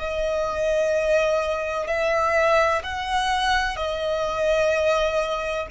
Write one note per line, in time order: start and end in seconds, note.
0.00 1.88 D#5
1.88 2.83 E5
2.84 3.77 F#5
3.77 5.67 D#5